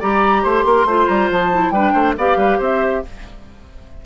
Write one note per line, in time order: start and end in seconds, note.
0.00 0.44 G3
0.00 0.87 G4
0.00 0.43 D5
0.00 0.44 A#5
0.43 0.65 A3
0.43 0.64 C5
0.43 1.08 C6
0.65 0.85 A#3
0.65 0.87 A#4
0.85 1.06 A3
0.85 1.52 F4
0.85 1.73 C5
1.08 1.30 G3
1.08 1.29 A#5
1.30 1.71 F3
1.30 1.71 A5
1.52 1.74 E4
1.71 1.92 G3
1.71 2.18 D4
1.71 1.93 B4
1.71 2.14 G5
1.93 2.16 A3
1.93 2.14 C5
2.18 2.36 B3
2.18 3.05 G4
2.18 2.38 D5
2.18 2.62 F5
2.36 2.58 G3
2.36 2.58 B4
2.58 3.03 C4
2.58 3.01 C5
2.58 3.06 E5